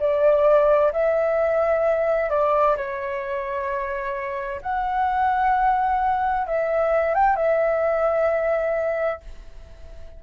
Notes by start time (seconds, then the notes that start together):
0.00 D5
0.93 E5
2.30 D5
2.77 C#5
4.62 F#5
6.47 E5
7.15 G5
7.36 E5